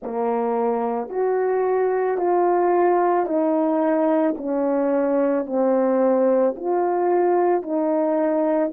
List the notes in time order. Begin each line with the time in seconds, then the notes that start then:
0.02 A#3
1.09 F#4
2.17 F4
3.25 D#4
4.37 C#4
5.45 C4
6.56 F4
7.62 D#4